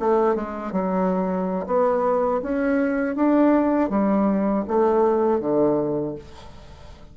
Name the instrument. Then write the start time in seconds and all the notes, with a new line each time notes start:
bassoon
0.00 A3
0.35 G#3
0.73 F#3
1.67 B3
2.43 C#4
3.16 D4
3.90 G3
4.68 A3
5.40 D3